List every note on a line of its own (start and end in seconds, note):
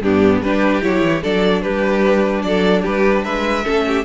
0.00 0.40 G2
0.00 0.44 B3
0.00 0.43 D4
0.00 0.42 G4
0.41 0.81 G3
0.41 0.81 D4
0.41 1.22 G4
0.41 0.82 B4
0.81 1.02 F#3
0.81 1.22 E4
0.81 1.23 C#5
1.02 1.22 E3
1.22 1.65 F#3
1.22 3.64 D4
1.22 1.62 A4
1.22 1.62 D5
1.62 2.43 G3
1.62 2.43 G4
1.62 2.42 B4
2.42 2.83 F#3
2.42 2.82 A4
2.42 2.82 D5
2.82 3.24 G3
2.82 3.22 G4
2.82 3.24 B4
3.24 3.65 G#3
3.24 3.64 B4
3.24 4.04 E5
3.64 4.04 A3
3.64 4.04 C#4
3.64 3.84 A4
3.87 4.04 G4